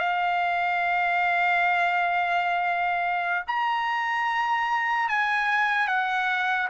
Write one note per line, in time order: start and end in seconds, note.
0.00 3.45 F5
3.48 5.09 A#5
5.09 5.88 G#5
5.88 6.69 F#5